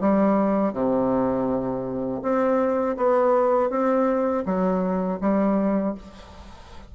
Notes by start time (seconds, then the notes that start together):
0.00 G3
0.73 C3
2.22 C4
2.97 B3
3.70 C4
4.45 F#3
5.21 G3